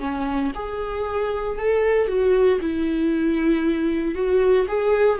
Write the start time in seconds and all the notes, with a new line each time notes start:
0.00 C#4
0.55 G#4
1.58 A4
2.08 F#4
2.61 E4
4.15 F#4
4.68 G#4